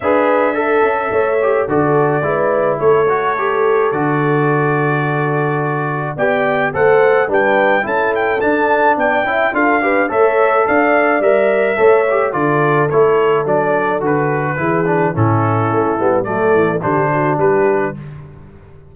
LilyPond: <<
  \new Staff \with { instrumentName = "trumpet" } { \time 4/4 \tempo 4 = 107 e''2. d''4~ | d''4 cis''2 d''4~ | d''2. g''4 | fis''4 g''4 a''8 g''8 a''4 |
g''4 f''4 e''4 f''4 | e''2 d''4 cis''4 | d''4 b'2 a'4~ | a'4 d''4 c''4 b'4 | }
  \new Staff \with { instrumentName = "horn" } { \time 4/4 b'4 a'4 cis''4 a'4 | b'4 a'2.~ | a'2. d''4 | c''4 b'4 a'2 |
d''8 e''8 a'8 b'8 cis''4 d''4~ | d''4 cis''4 a'2~ | a'2 gis'4 e'4~ | e'4 a'4 g'8 fis'8 g'4 | }
  \new Staff \with { instrumentName = "trombone" } { \time 4/4 gis'4 a'4. g'8 fis'4 | e'4. fis'8 g'4 fis'4~ | fis'2. g'4 | a'4 d'4 e'4 d'4~ |
d'8 e'8 f'8 g'8 a'2 | ais'4 a'8 g'8 f'4 e'4 | d'4 fis'4 e'8 d'8 cis'4~ | cis'8 b8 a4 d'2 | }
  \new Staff \with { instrumentName = "tuba" } { \time 4/4 d'4. cis'8 a4 d4 | gis4 a2 d4~ | d2. b4 | a4 g4 cis'4 d'4 |
b8 cis'8 d'4 a4 d'4 | g4 a4 d4 a4 | fis4 d4 e4 a,4 | a8 g8 fis8 e8 d4 g4 | }
>>